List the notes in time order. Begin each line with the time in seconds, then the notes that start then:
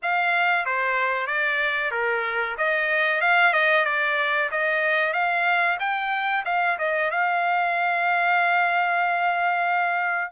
0.02 F5
0.65 C5
1.26 D5
1.91 A#4
2.57 D#5
3.21 F5
3.53 D#5
3.85 D5
4.51 D#5
5.13 F5
5.79 G5
6.45 F5
6.78 D#5
7.11 F5